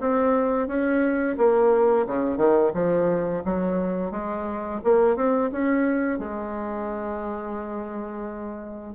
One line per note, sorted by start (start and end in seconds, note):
0.00 0.67 C4
0.67 1.36 C#4
1.37 2.06 A#3
2.07 2.37 C#3
2.37 2.71 D#3
2.74 3.43 F3
3.45 4.11 F#3
4.11 4.80 G#3
4.84 5.16 A#3
5.16 5.50 C4
5.52 6.18 C#4
6.18 8.94 G#3